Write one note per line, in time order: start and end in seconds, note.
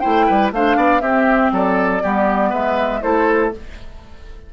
0.00 0.30 A3
0.00 0.52 E4
0.00 0.26 C5
0.00 0.50 G5
0.27 0.52 G3
0.27 0.52 B4
0.52 0.77 A3
0.52 1.01 D4
0.52 0.77 C5
0.52 1.01 F5
0.77 1.02 B3
0.77 1.02 D5
1.01 2.01 C4
1.01 1.52 C4
1.01 1.52 G4
1.01 1.51 E5
1.52 2.02 F#3
1.52 2.03 A4
1.52 2.53 D5
2.02 2.53 G3
2.02 3.02 B3
2.02 2.50 G4
2.50 3.03 G#3
2.50 3.00 B4
2.50 3.03 E5
3.02 3.54 A3
3.02 3.52 E4
3.02 3.54 A4
3.02 3.53 C5